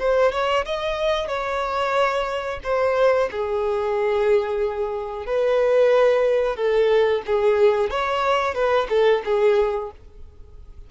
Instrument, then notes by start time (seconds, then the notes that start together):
violin
0.00 C5
0.33 C#5
0.66 D#5
1.28 C#5
2.64 C5
3.32 G#4
5.27 B4
6.57 A4
7.26 G#4
7.91 C#5
8.55 B4
8.90 A4
9.25 G#4